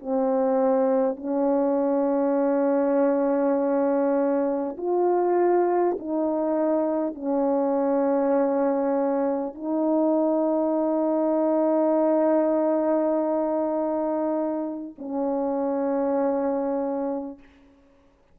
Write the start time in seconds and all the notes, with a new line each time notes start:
0.00 C4
1.17 C#4
4.78 F4
5.99 D#4
7.15 C#4
9.55 D#4
14.99 C#4